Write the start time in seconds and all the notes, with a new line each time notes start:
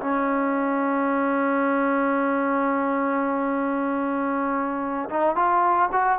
0.00 C#4
5.09 D#4
5.35 F4
5.92 F#4